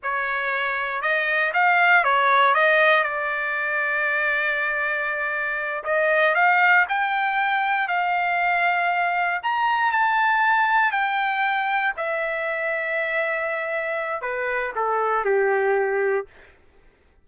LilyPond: \new Staff \with { instrumentName = "trumpet" } { \time 4/4 \tempo 4 = 118 cis''2 dis''4 f''4 | cis''4 dis''4 d''2~ | d''2.~ d''8 dis''8~ | dis''8 f''4 g''2 f''8~ |
f''2~ f''8 ais''4 a''8~ | a''4. g''2 e''8~ | e''1 | b'4 a'4 g'2 | }